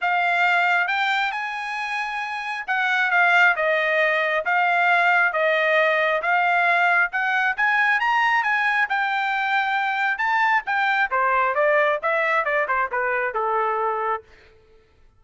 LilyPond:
\new Staff \with { instrumentName = "trumpet" } { \time 4/4 \tempo 4 = 135 f''2 g''4 gis''4~ | gis''2 fis''4 f''4 | dis''2 f''2 | dis''2 f''2 |
fis''4 gis''4 ais''4 gis''4 | g''2. a''4 | g''4 c''4 d''4 e''4 | d''8 c''8 b'4 a'2 | }